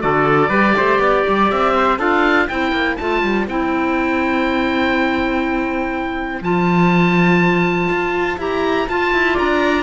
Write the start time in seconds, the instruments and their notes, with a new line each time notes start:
0.00 cello D3, clarinet F#4, trumpet A4, oboe D5
0.49 cello G3, clarinet G4, trumpet B4
0.77 cello A3, trumpet C5
0.99 cello B3, trumpet D5
1.28 cello G3
1.50 cello C4, oboe E5
1.76 trumpet C5
1.99 cello D4, clarinet F4, trumpet A4, oboe F5
2.48 cello C4, clarinet E4, trumpet C5, oboe G5
2.72 cello A#3
2.96 cello A3, clarinet F4, oboe A5
3.23 cello G3
3.47 cello C4, clarinet E4, oboe G5
6.41 cello F3, clarinet F4, oboe A5
7.90 cello F4
8.38 cello E4, clarinet G4, oboe A#5
8.89 cello F4, clarinet F4, oboe A5
9.14 cello E4
9.34 cello D4, trumpet D5, oboe A#5